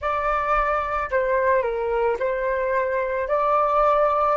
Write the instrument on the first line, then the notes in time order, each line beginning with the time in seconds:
flute
0.00 D5
1.10 C5
1.62 A#4
2.19 C5
3.28 D5